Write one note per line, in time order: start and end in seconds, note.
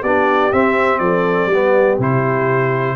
0.00 0.52 B3
0.00 0.52 D4
0.00 0.99 G4
0.00 0.52 D5
0.52 1.52 C4
0.52 0.99 C4
0.52 0.99 E5
0.99 1.46 F3
0.99 1.51 A4
0.99 1.98 D5
1.46 1.95 G3
1.53 2.01 B3
1.53 2.96 G4
1.99 2.96 C3
1.99 2.96 E4
1.99 2.96 C5